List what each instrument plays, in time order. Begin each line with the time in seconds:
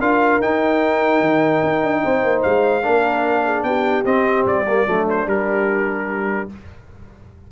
0.00 tuba D4, trombone F4, horn A#4, trumpet F5
0.41 tuba D#4, trombone D#4, trumpet G5
1.21 tuba D#3
1.64 tuba D#4
1.83 tuba D4
2.03 tuba C4, horn C5
2.24 tuba A#3
2.43 tuba G#3, trumpet F5
2.83 tuba A#3, trombone D4, horn A#4
3.45 horn G#4
3.64 tuba B3, horn G4, trumpet G5
4.05 tuba C4, trombone C4, trumpet D#5
4.46 tuba G3, trumpet D5
4.68 trombone A#3
4.87 tuba F#3, trombone A3, horn D4
5.10 trumpet C5
5.27 tuba G3, trombone G3, trumpet A#4